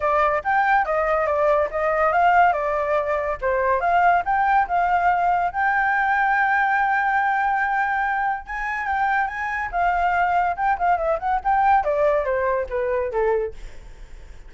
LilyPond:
\new Staff \with { instrumentName = "flute" } { \time 4/4 \tempo 4 = 142 d''4 g''4 dis''4 d''4 | dis''4 f''4 d''2 | c''4 f''4 g''4 f''4~ | f''4 g''2.~ |
g''1 | gis''4 g''4 gis''4 f''4~ | f''4 g''8 f''8 e''8 fis''8 g''4 | d''4 c''4 b'4 a'4 | }